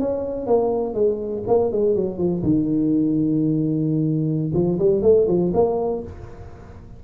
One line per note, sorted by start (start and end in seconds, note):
0.00 0.47 C#4
0.47 0.94 A#3
0.94 1.44 G#3
1.48 1.72 A#3
1.72 1.96 G#3
1.96 2.18 F#3
2.18 2.43 F3
2.43 4.52 D#3
4.54 4.79 F3
4.79 5.03 G3
5.03 5.27 A3
5.28 5.53 F3
5.54 6.03 A#3